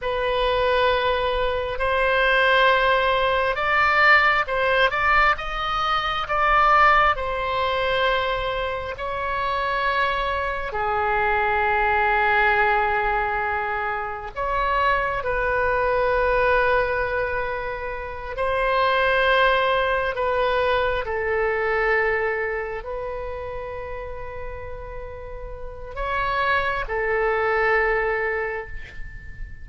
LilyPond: \new Staff \with { instrumentName = "oboe" } { \time 4/4 \tempo 4 = 67 b'2 c''2 | d''4 c''8 d''8 dis''4 d''4 | c''2 cis''2 | gis'1 |
cis''4 b'2.~ | b'8 c''2 b'4 a'8~ | a'4. b'2~ b'8~ | b'4 cis''4 a'2 | }